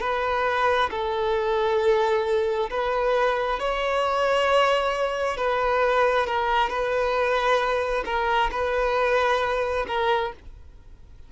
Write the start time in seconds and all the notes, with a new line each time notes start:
0.00 B4
0.91 A4
2.70 B4
3.59 C#5
5.37 B4
6.27 A#4
6.69 B4
8.06 A#4
8.52 B4
9.88 A#4